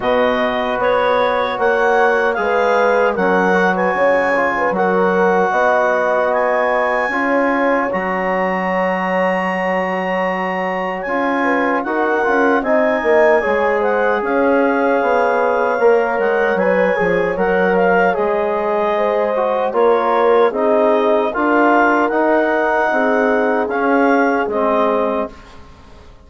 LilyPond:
<<
  \new Staff \with { instrumentName = "clarinet" } { \time 4/4 \tempo 4 = 76 dis''4 cis''4 fis''4 f''4 | fis''8. gis''4~ gis''16 fis''2 | gis''2 ais''2~ | ais''2 gis''4 fis''4 |
gis''4. fis''8 f''2~ | f''8 fis''8 gis''4 fis''8 f''8 dis''4~ | dis''4 cis''4 dis''4 f''4 | fis''2 f''4 dis''4 | }
  \new Staff \with { instrumentName = "horn" } { \time 4/4 b'2 cis''4 b'4 | ais'8. b'16 cis''8. b'16 ais'4 dis''4~ | dis''4 cis''2.~ | cis''2~ cis''8 b'8 ais'4 |
dis''4 cis''8 c''8 cis''2~ | cis''1 | c''4 ais'4 gis'4 ais'4~ | ais'4 gis'2. | }
  \new Staff \with { instrumentName = "trombone" } { \time 4/4 fis'2. gis'4 | cis'8 fis'4 f'8 fis'2~ | fis'4 f'4 fis'2~ | fis'2 f'4 fis'8 f'8 |
dis'4 gis'2. | ais'4 b'8 gis'8 ais'4 gis'4~ | gis'8 fis'8 f'4 dis'4 f'4 | dis'2 cis'4 c'4 | }
  \new Staff \with { instrumentName = "bassoon" } { \time 4/4 b,4 b4 ais4 gis4 | fis4 cis4 fis4 b4~ | b4 cis'4 fis2~ | fis2 cis'4 dis'8 cis'8 |
c'8 ais8 gis4 cis'4 b4 | ais8 gis8 fis8 f8 fis4 gis4~ | gis4 ais4 c'4 d'4 | dis'4 c'4 cis'4 gis4 | }
>>